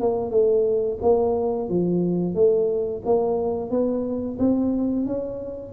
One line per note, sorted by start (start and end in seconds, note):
0.00 0.30 A#3
0.30 0.98 A3
1.02 1.69 A#3
1.69 2.34 F3
2.34 3.02 A3
3.05 3.70 A#3
3.70 4.38 B3
4.39 5.06 C4
5.06 5.72 C#4